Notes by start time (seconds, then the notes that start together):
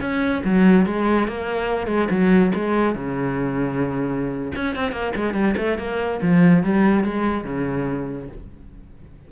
0.00 C#4
0.44 F#3
0.85 G#3
1.27 A#3
1.87 G#3
2.10 F#3
2.54 G#3
2.94 C#3
4.55 C#4
4.75 C4
4.91 A#3
5.15 G#3
5.34 G3
5.57 A3
5.78 A#3
6.22 F3
6.63 G3
7.03 G#3
7.44 C#3